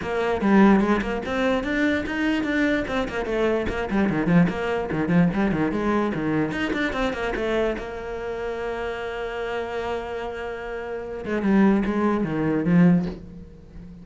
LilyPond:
\new Staff \with { instrumentName = "cello" } { \time 4/4 \tempo 4 = 147 ais4 g4 gis8 ais8 c'4 | d'4 dis'4 d'4 c'8 ais8 | a4 ais8 g8 dis8 f8 ais4 | dis8 f8 g8 dis8 gis4 dis4 |
dis'8 d'8 c'8 ais8 a4 ais4~ | ais1~ | ais2.~ ais8 gis8 | g4 gis4 dis4 f4 | }